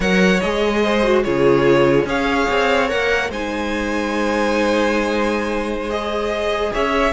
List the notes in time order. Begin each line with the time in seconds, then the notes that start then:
0.00 F#3 A#4 C#5 F#5
0.40 G#3 G#4 D#5
0.83 C5
1.03 F#4
1.23 C#3 F4 G#4 C#5
2.05 C#4 G#4 C#5 F5
2.51 C4
2.88 A#3 A#4 F#5
3.29 G#3 D#4 C5 G#5
5.89 G#4 D#5
6.72 C#4 C#5 E5